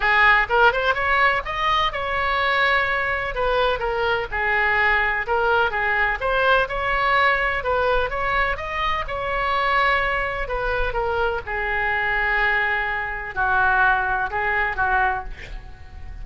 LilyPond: \new Staff \with { instrumentName = "oboe" } { \time 4/4 \tempo 4 = 126 gis'4 ais'8 c''8 cis''4 dis''4 | cis''2. b'4 | ais'4 gis'2 ais'4 | gis'4 c''4 cis''2 |
b'4 cis''4 dis''4 cis''4~ | cis''2 b'4 ais'4 | gis'1 | fis'2 gis'4 fis'4 | }